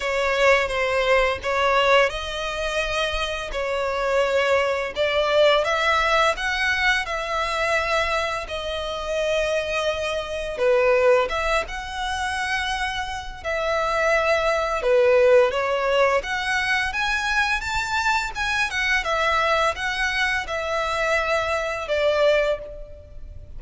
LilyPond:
\new Staff \with { instrumentName = "violin" } { \time 4/4 \tempo 4 = 85 cis''4 c''4 cis''4 dis''4~ | dis''4 cis''2 d''4 | e''4 fis''4 e''2 | dis''2. b'4 |
e''8 fis''2~ fis''8 e''4~ | e''4 b'4 cis''4 fis''4 | gis''4 a''4 gis''8 fis''8 e''4 | fis''4 e''2 d''4 | }